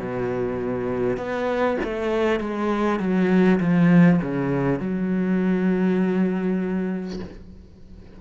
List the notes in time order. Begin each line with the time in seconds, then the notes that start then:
0.00 B2
1.17 B3
1.84 A3
2.40 G#3
2.99 F#3
3.60 F3
4.22 C#3
4.79 F#3